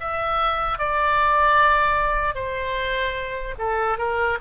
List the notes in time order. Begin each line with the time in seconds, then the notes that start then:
0.00 E5
0.79 D5
2.35 C5
3.59 A4
3.98 A#4